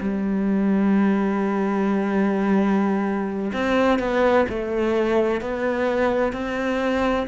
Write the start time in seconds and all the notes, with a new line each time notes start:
0.00 G3
3.53 C4
3.99 B3
4.48 A3
5.41 B3
6.32 C4